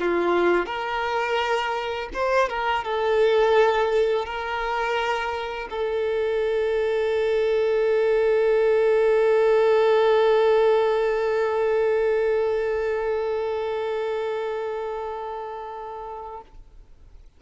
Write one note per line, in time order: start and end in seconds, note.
0.00 0.67 F4
0.67 2.09 A#4
2.14 2.49 C5
2.49 2.85 A#4
2.85 4.26 A4
4.26 5.69 A#4
5.70 16.42 A4